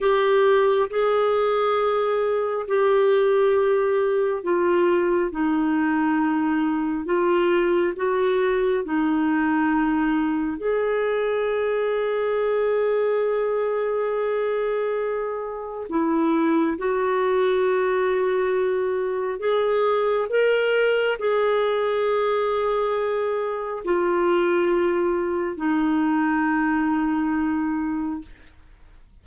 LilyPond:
\new Staff \with { instrumentName = "clarinet" } { \time 4/4 \tempo 4 = 68 g'4 gis'2 g'4~ | g'4 f'4 dis'2 | f'4 fis'4 dis'2 | gis'1~ |
gis'2 e'4 fis'4~ | fis'2 gis'4 ais'4 | gis'2. f'4~ | f'4 dis'2. | }